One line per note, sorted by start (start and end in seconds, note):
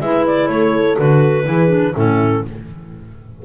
0.00 0.48 G#3
0.00 0.97 E4
0.00 0.50 B4
0.00 0.25 E5
0.27 0.48 D5
0.48 0.97 A3
0.48 1.47 A4
0.48 0.96 C#5
0.97 1.47 D3
0.97 1.45 F#4
0.97 1.95 B4
1.45 1.95 E3
1.45 1.68 E4
1.45 1.94 G#4
1.68 1.92 D4
1.94 2.44 A2
1.94 2.44 C#4
1.94 2.43 E4
1.94 2.45 A4